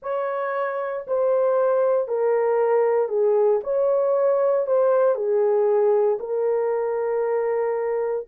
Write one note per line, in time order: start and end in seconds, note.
0.02 1.06 C#5
1.07 2.08 C5
2.08 3.08 A#4
3.08 3.60 G#4
3.63 4.66 C#5
4.66 5.14 C5
5.14 6.18 G#4
6.19 8.26 A#4